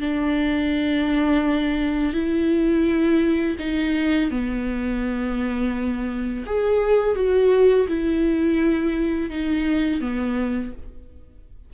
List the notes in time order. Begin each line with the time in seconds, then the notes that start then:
0.00 D4
2.13 E4
3.59 D#4
4.30 B3
6.46 G#4
7.15 F#4
7.87 E4
9.30 D#4
10.00 B3